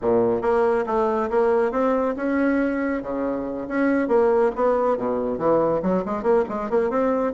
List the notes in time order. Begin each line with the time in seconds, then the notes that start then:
0.01 A#2
0.41 A#3
0.86 A3
1.29 A#3
1.71 C4
2.16 C#4
3.02 C#3
3.67 C#4
4.08 A#3
4.55 B3
4.97 B2
5.37 E3
5.82 F#3
6.05 G#3
6.22 A#3
6.49 G#3
6.70 A#3
6.89 C4